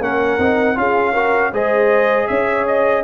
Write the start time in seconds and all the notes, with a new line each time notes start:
0.00 A#3 C#4 A#4 F#5
0.39 C4 D#4
0.76 C#4 F4 G#4 F5
1.13 F#4 A#4
1.53 G#3 G#4 C5 D#5
2.28 C#4 C#5 E5
2.68 D#5